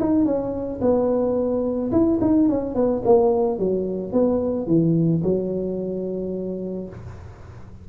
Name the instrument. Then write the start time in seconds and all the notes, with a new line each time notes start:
tuba
0.00 D#4
0.26 C#4
0.81 B3
1.92 E4
2.22 D#4
2.49 C#4
2.75 B3
3.06 A#3
3.59 F#3
4.13 B3
4.67 E3
5.24 F#3